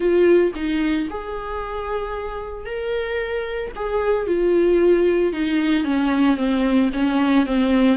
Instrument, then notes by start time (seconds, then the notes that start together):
viola
0.00 F4
0.55 D#4
1.10 G#4
2.65 A#4
3.75 G#4
4.26 F4
5.32 D#4
5.84 C#4
6.36 C4
6.93 C#4
7.46 C4